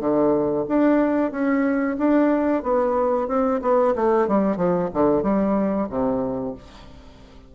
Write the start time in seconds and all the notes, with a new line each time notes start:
0.00 D3
0.68 D4
1.31 C#4
1.99 D4
2.63 B3
3.28 C4
3.62 B3
3.95 A3
4.28 G3
4.57 F3
4.94 D3
5.23 G3
5.89 C3